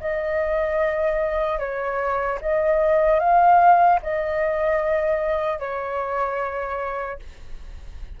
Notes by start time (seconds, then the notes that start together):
0.00 D#5
1.58 C#5
2.41 D#5
3.19 F5
4.02 D#5
5.59 C#5